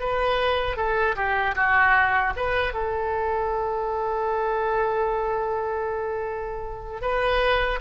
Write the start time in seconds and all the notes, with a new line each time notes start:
0.00 B4
0.77 A4
1.16 G4
1.55 F#4
2.36 B4
2.73 A4
7.02 B4